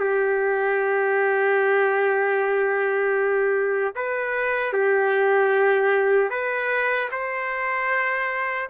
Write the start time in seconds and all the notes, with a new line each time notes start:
0.00 G4
3.95 B4
4.73 G4
6.30 B4
7.12 C5